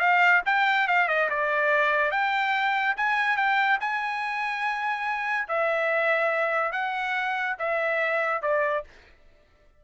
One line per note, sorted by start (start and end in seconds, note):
0.00 0.42 F5
0.46 0.88 G5
0.88 1.09 F5
1.09 1.29 D#5
1.30 2.12 D5
2.12 2.96 G5
2.97 3.37 G#5
3.37 3.79 G5
3.81 5.48 G#5
5.48 6.72 E5
6.72 7.56 F#5
7.59 8.42 E5
8.42 8.84 D5